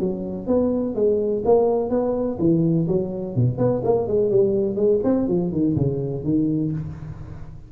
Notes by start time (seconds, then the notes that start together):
0.00 F#3
0.47 B3
0.95 G#3
1.45 A#3
1.90 B3
2.39 E3
2.88 F#3
3.36 B2
3.58 B3
3.84 A#3
4.08 G#3
4.31 G3
4.76 G#3
5.04 C4
5.28 F3
5.52 D#3
5.76 C#3
6.24 D#3